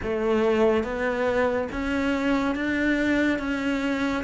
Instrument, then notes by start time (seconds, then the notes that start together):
cello
0.02 A3
0.83 B3
1.71 C#4
2.55 D4
3.38 C#4